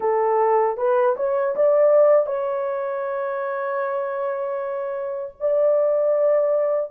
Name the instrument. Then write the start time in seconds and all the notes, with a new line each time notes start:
horn
0.00 A4
0.77 B4
1.16 C#5
1.55 D5
2.26 C#5
5.40 D5